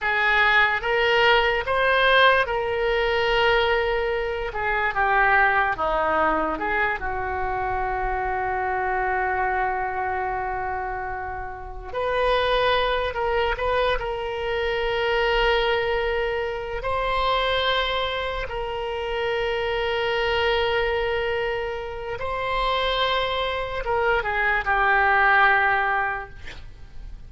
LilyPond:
\new Staff \with { instrumentName = "oboe" } { \time 4/4 \tempo 4 = 73 gis'4 ais'4 c''4 ais'4~ | ais'4. gis'8 g'4 dis'4 | gis'8 fis'2.~ fis'8~ | fis'2~ fis'8 b'4. |
ais'8 b'8 ais'2.~ | ais'8 c''2 ais'4.~ | ais'2. c''4~ | c''4 ais'8 gis'8 g'2 | }